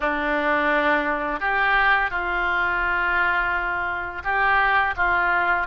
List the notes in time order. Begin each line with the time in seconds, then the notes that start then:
0.00 D4
1.40 G4
2.10 F4
4.24 G4
4.96 F4